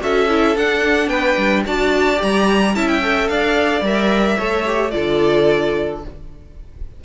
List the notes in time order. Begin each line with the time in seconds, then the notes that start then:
0.00 C#4 F#4 A4 E5
0.29 E4
0.56 D4 F#5
1.08 B3 B4 G5
1.38 G3
1.66 D4 F#4 D5 A5
2.16 G4
2.22 G3 A#5
2.75 C#4 E4 E5 A5
2.88 G5
3.01 A4
3.28 D4 D5 F5
3.82 G3 A#4 E5
4.38 A3 A4 C#5
4.66 G4
4.91 D3 F4 A4 D5